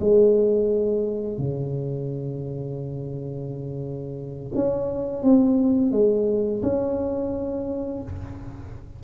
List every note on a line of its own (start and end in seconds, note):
0.00 1.38 G#3
1.38 4.52 C#3
4.55 5.23 C#4
5.23 5.91 C4
5.91 6.61 G#3
6.62 8.02 C#4